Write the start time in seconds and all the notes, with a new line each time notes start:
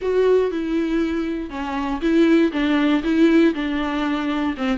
0.01 F#4
0.51 E4
1.50 C#4
2.01 E4
2.52 D4
3.03 E4
3.54 D4
4.57 C4